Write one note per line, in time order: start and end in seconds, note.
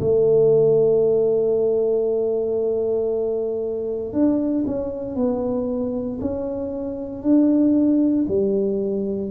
0.00 4.13 A3
4.13 4.65 D4
4.66 5.16 C#4
5.16 6.19 B3
6.21 7.23 C#4
7.23 8.26 D4
8.28 9.32 G3